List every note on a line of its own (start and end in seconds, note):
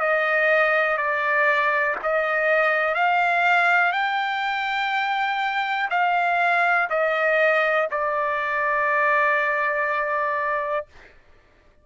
0.00 0.98 D#5
0.98 1.96 D5
2.03 2.95 D#5
2.95 3.93 F5
3.93 5.89 G5
5.91 6.89 F5
6.90 7.89 D#5
7.91 10.86 D5